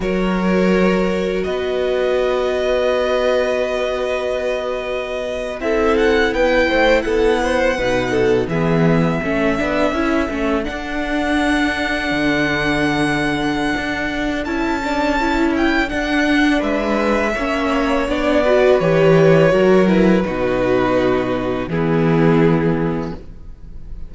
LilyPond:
<<
  \new Staff \with { instrumentName = "violin" } { \time 4/4 \tempo 4 = 83 cis''2 dis''2~ | dis''2.~ dis''8. e''16~ | e''16 fis''8 g''4 fis''2 e''16~ | e''2~ e''8. fis''4~ fis''16~ |
fis''1 | a''4. g''8 fis''4 e''4~ | e''4 d''4 cis''4. b'8~ | b'2 gis'2 | }
  \new Staff \with { instrumentName = "violin" } { \time 4/4 ais'2 b'2~ | b'2.~ b'8. a'16~ | a'8. b'8 c''8 a'8 c''8 b'8 a'8 gis'16~ | gis'8. a'2.~ a'16~ |
a'1~ | a'2. b'4 | cis''4. b'4. ais'4 | fis'2 e'2 | }
  \new Staff \with { instrumentName = "viola" } { \time 4/4 fis'1~ | fis'2.~ fis'8. e'16~ | e'2~ e'8. dis'4 b16~ | b8. cis'8 d'8 e'8 cis'8 d'4~ d'16~ |
d'1 | e'8 d'8 e'4 d'2 | cis'4 d'8 fis'8 g'4 fis'8 e'8 | dis'2 b2 | }
  \new Staff \with { instrumentName = "cello" } { \time 4/4 fis2 b2~ | b2.~ b8. c'16~ | c'8. b8 a8 b4 b,4 e16~ | e8. a8 b8 cis'8 a8 d'4~ d'16~ |
d'8. d2~ d16 d'4 | cis'2 d'4 gis4 | ais4 b4 e4 fis4 | b,2 e2 | }
>>